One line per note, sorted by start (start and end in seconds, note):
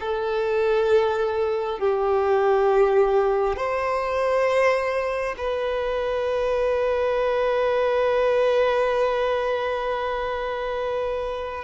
0.00 1.79 A4
1.79 3.56 G4
3.56 5.35 C5
5.37 11.64 B4